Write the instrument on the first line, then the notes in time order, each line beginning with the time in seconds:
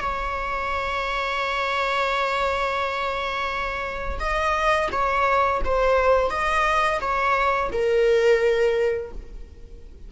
viola
0.00 C#5
4.19 D#5
4.92 C#5
5.64 C5
6.30 D#5
7.01 C#5
7.72 A#4